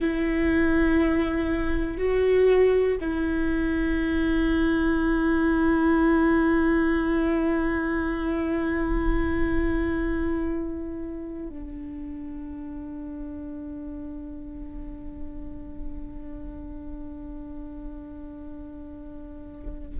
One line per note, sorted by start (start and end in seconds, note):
0.00 1.97 E4
1.97 2.97 F#4
3.00 11.49 E4
11.49 19.99 D4